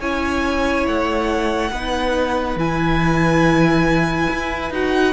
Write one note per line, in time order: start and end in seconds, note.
0.00 0.87 C#4
0.00 1.72 E4
0.00 1.71 C#5
0.00 0.86 G#5
0.87 1.71 A3
0.87 2.59 F#5
1.71 2.56 B3
1.71 2.58 D#4
1.71 5.12 B4
2.56 4.27 E3
2.56 4.72 E4
2.56 4.73 G#5
4.31 4.71 E4
4.71 5.12 D#4
4.71 5.12 F#4
4.71 5.12 F#5